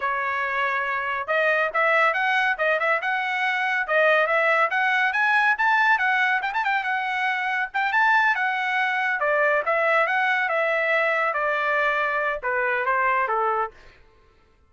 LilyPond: \new Staff \with { instrumentName = "trumpet" } { \time 4/4 \tempo 4 = 140 cis''2. dis''4 | e''4 fis''4 dis''8 e''8 fis''4~ | fis''4 dis''4 e''4 fis''4 | gis''4 a''4 fis''4 g''16 a''16 g''8 |
fis''2 g''8 a''4 fis''8~ | fis''4. d''4 e''4 fis''8~ | fis''8 e''2 d''4.~ | d''4 b'4 c''4 a'4 | }